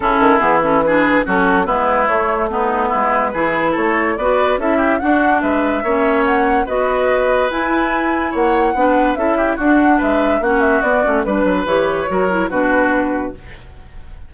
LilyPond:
<<
  \new Staff \with { instrumentName = "flute" } { \time 4/4 \tempo 4 = 144 a'4 gis'8 a'8 b'4 a'4 | b'4 cis''4 b'2~ | b'4 cis''4 d''4 e''4 | fis''4 e''2 fis''4 |
dis''2 gis''2 | fis''2 e''4 fis''4 | e''4 fis''8 e''8 d''4 b'4 | cis''2 b'2 | }
  \new Staff \with { instrumentName = "oboe" } { \time 4/4 e'2 gis'4 fis'4 | e'2 dis'4 e'4 | gis'4 a'4 b'4 a'8 g'8 | fis'4 b'4 cis''2 |
b'1 | cis''4 b'4 a'8 g'8 fis'4 | b'4 fis'2 b'4~ | b'4 ais'4 fis'2 | }
  \new Staff \with { instrumentName = "clarinet" } { \time 4/4 cis'4 b8 cis'8 d'4 cis'4 | b4 a4 b2 | e'2 fis'4 e'4 | d'2 cis'2 |
fis'2 e'2~ | e'4 d'4 e'4 d'4~ | d'4 cis'4 b8 cis'8 d'4 | g'4 fis'8 e'8 d'2 | }
  \new Staff \with { instrumentName = "bassoon" } { \time 4/4 cis8 dis8 e2 fis4 | gis4 a2 gis4 | e4 a4 b4 cis'4 | d'4 gis4 ais2 |
b2 e'2 | ais4 b4 cis'4 d'4 | gis4 ais4 b8 a8 g8 fis8 | e4 fis4 b,2 | }
>>